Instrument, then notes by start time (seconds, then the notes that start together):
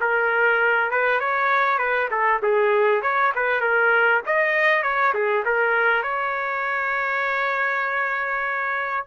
trumpet
0.00 A#4
0.90 B4
1.20 C#5
1.78 B4
2.10 A4
2.42 G#4
3.02 C#5
3.35 B4
3.61 A#4
4.26 D#5
4.82 C#5
5.13 G#4
5.45 A#4
6.02 C#5